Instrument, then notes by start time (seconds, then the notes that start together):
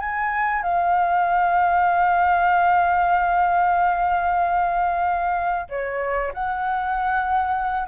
flute
0.00 G#5
0.62 F5
5.69 C#5
6.33 F#5